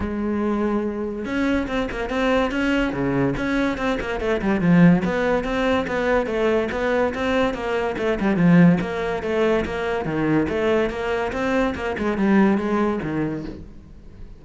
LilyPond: \new Staff \with { instrumentName = "cello" } { \time 4/4 \tempo 4 = 143 gis2. cis'4 | c'8 ais8 c'4 cis'4 cis4 | cis'4 c'8 ais8 a8 g8 f4 | b4 c'4 b4 a4 |
b4 c'4 ais4 a8 g8 | f4 ais4 a4 ais4 | dis4 a4 ais4 c'4 | ais8 gis8 g4 gis4 dis4 | }